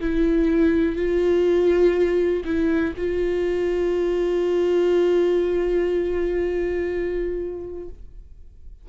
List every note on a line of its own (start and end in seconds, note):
0.00 0.96 E4
0.96 2.44 F4
2.45 2.94 E4
2.97 7.89 F4